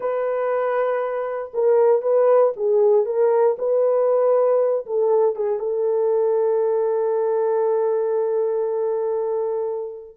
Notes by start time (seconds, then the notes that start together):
0.00 B4
1.53 A#4
2.02 B4
2.56 G#4
3.05 A#4
3.58 B4
4.86 A4
5.35 G#4
5.59 A4